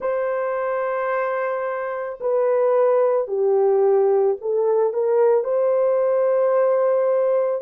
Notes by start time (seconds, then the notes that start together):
0.00 C5
2.20 B4
3.27 G4
4.41 A4
4.93 A#4
5.43 C5